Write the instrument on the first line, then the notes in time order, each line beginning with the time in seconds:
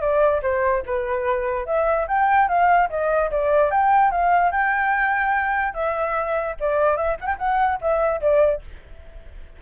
flute
0.00 D5
0.42 C5
0.86 B4
1.66 E5
2.07 G5
2.48 F5
2.89 D#5
3.31 D5
3.71 G5
4.11 F5
4.52 G5
5.74 E5
6.60 D5
6.97 E5
7.20 F#5 G5
7.38 F#5
7.81 E5
8.21 D5